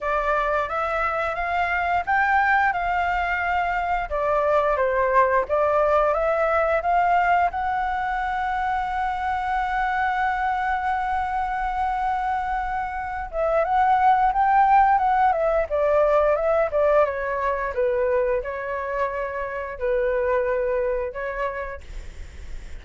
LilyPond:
\new Staff \with { instrumentName = "flute" } { \time 4/4 \tempo 4 = 88 d''4 e''4 f''4 g''4 | f''2 d''4 c''4 | d''4 e''4 f''4 fis''4~ | fis''1~ |
fis''2.~ fis''8 e''8 | fis''4 g''4 fis''8 e''8 d''4 | e''8 d''8 cis''4 b'4 cis''4~ | cis''4 b'2 cis''4 | }